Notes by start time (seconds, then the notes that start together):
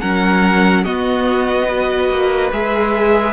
0.00 F#3 C#4 A#4 F#5
0.84 B3 F#4 D#5
1.67 F#4 B4
2.09 A#3
2.51 G#3 G#4 E5